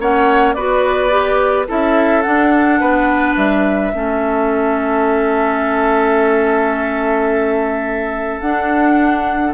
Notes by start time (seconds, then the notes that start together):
0.00 A#3 C#4 C#5 F#5
0.54 B3 F#4 B4 D5
1.11 G4
1.68 C#4 E4 A4 E5
2.22 D4 F#5
2.81 B3 B4
3.37 G3 E5
3.94 A3 C#4 A4
8.41 D4 F#5